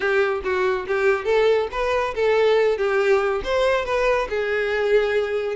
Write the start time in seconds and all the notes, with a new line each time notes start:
0.00 G4
0.43 F#4
0.87 G4
1.24 A4
1.71 B4
2.14 A4
2.77 G4
3.44 C5
3.85 B4
4.29 G#4